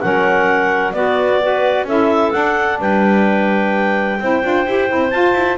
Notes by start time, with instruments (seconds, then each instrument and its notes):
0.00 double bass F#3, saxophone C#4, clarinet A#4 F#5
0.92 saxophone B3, double bass B3, clarinet F#4 D5
1.40 saxophone F#4, clarinet B4
1.83 double bass C#4, saxophone E4, clarinet A4 E5
2.31 saxophone D4, double bass D4, clarinet F#5
2.79 double bass G3, clarinet B4 G5
4.19 double bass C4, saxophone E4, clarinet C5
4.42 double bass D4, saxophone F4
4.66 double bass E4, saxophone G4
4.87 double bass C4, saxophone E4
5.10 saxophone F4, double bass F4, clarinet A5
5.34 double bass E4